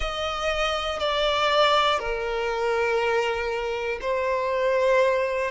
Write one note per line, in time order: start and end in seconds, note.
0.00 0.99 D#5
0.99 1.99 D5
1.99 3.99 A#4
4.01 5.51 C5